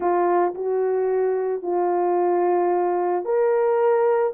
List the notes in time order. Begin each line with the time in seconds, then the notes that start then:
0.00 F4
0.54 F#4
1.62 F4
3.24 A#4